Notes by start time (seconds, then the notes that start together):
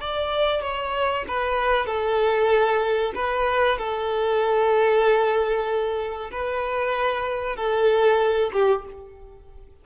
0.00 D5
0.61 C#5
1.27 B4
1.86 A4
3.15 B4
3.78 A4
6.31 B4
7.56 A4
8.53 G4